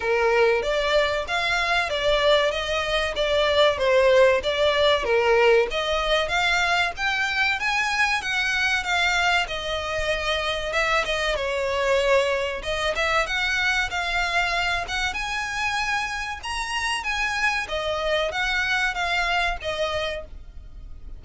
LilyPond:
\new Staff \with { instrumentName = "violin" } { \time 4/4 \tempo 4 = 95 ais'4 d''4 f''4 d''4 | dis''4 d''4 c''4 d''4 | ais'4 dis''4 f''4 g''4 | gis''4 fis''4 f''4 dis''4~ |
dis''4 e''8 dis''8 cis''2 | dis''8 e''8 fis''4 f''4. fis''8 | gis''2 ais''4 gis''4 | dis''4 fis''4 f''4 dis''4 | }